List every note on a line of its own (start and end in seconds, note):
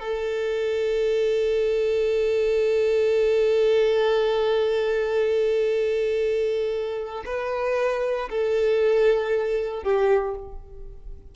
0.00 7.24 A4
7.26 8.29 B4
8.29 9.83 A4
9.83 10.35 G4